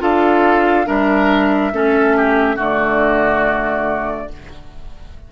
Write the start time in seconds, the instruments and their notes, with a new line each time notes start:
0.00 bassoon D4, clarinet F4, oboe A4, flute F5
0.86 bassoon G3, clarinet D4, oboe A#4, flute E5
1.73 bassoon A3, clarinet C#4, oboe A4
2.17 oboe G4
2.56 bassoon D3, clarinet A3, oboe F#4, flute D5